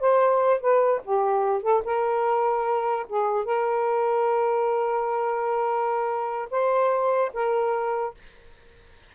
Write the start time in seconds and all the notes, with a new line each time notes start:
0.00 C5
0.61 B4
1.05 G4
1.63 A4
1.85 A#4
3.09 G#4
3.46 A#4
6.51 C5
7.34 A#4